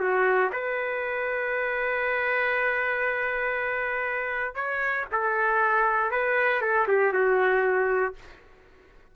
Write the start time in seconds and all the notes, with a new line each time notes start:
0.00 F#4
0.53 B4
4.56 C#5
5.12 A4
6.12 B4
6.62 A4
6.88 G4
7.13 F#4